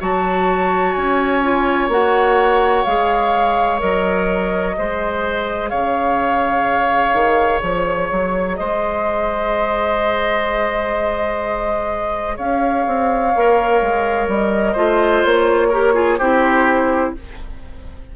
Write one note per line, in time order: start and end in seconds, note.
0.00 0.96 F#3
0.00 1.42 F#4
0.00 4.76 C#5
0.00 0.93 A5
0.93 1.88 C#4
0.93 1.88 G#5
1.42 1.90 F4
1.88 2.84 A#3
1.88 2.86 F#4
1.88 2.85 F#5
2.85 3.82 G#3
2.85 3.79 G#4
2.85 3.80 F5
3.79 4.77 F#3
3.79 4.74 A#4
3.79 5.69 D#5
4.74 5.72 G#3
4.74 13.31 G#4
4.74 5.70 C5
5.69 7.13 C#3
5.69 8.56 C#5
5.69 7.60 F5
7.13 7.61 D#3
7.62 8.10 F3
7.62 8.56 C#5
8.11 8.59 F#3
8.56 12.38 G#3
8.56 12.36 C5
8.56 12.37 D#5
12.36 12.86 C#4
12.36 14.73 C#5
12.36 14.29 F5
12.86 13.34 C4
13.35 13.81 A#3
13.35 14.76 A#4
13.81 14.28 G#3
14.28 14.75 G3
14.28 15.24 D#5
14.73 15.24 A3
14.73 15.71 F4
14.73 15.68 C5
15.24 16.20 A#3
15.24 16.19 C#5
15.69 15.94 G4
15.69 15.93 A#4
15.94 16.18 F4
15.94 16.19 G#4
16.19 17.15 C4
16.19 17.16 E4
16.19 17.14 G4
16.19 17.14 C5